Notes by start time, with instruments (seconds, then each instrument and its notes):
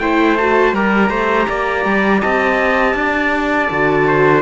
0.00 cello A3, viola E4, trumpet C5 G5
0.38 viola F#4, trumpet A5
0.73 cello G3, viola G4, trumpet A#4 A#5
1.10 cello A3, trumpet C5
1.50 cello A#3, trumpet D5
1.85 cello G3
2.21 cello C4, trumpet D#5 A5
2.95 cello D4, trumpet D5
3.71 cello D3, viola F#4
4.08 trumpet C5